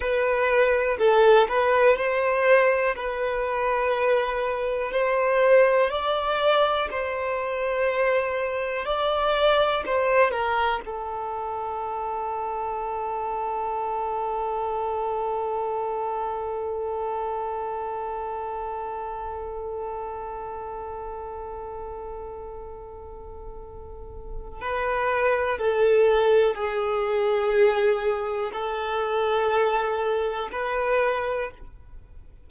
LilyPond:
\new Staff \with { instrumentName = "violin" } { \time 4/4 \tempo 4 = 61 b'4 a'8 b'8 c''4 b'4~ | b'4 c''4 d''4 c''4~ | c''4 d''4 c''8 ais'8 a'4~ | a'1~ |
a'1~ | a'1~ | a'4 b'4 a'4 gis'4~ | gis'4 a'2 b'4 | }